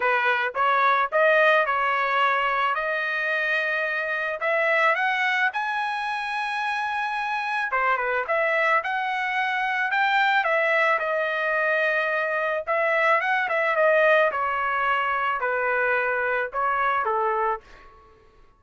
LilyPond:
\new Staff \with { instrumentName = "trumpet" } { \time 4/4 \tempo 4 = 109 b'4 cis''4 dis''4 cis''4~ | cis''4 dis''2. | e''4 fis''4 gis''2~ | gis''2 c''8 b'8 e''4 |
fis''2 g''4 e''4 | dis''2. e''4 | fis''8 e''8 dis''4 cis''2 | b'2 cis''4 a'4 | }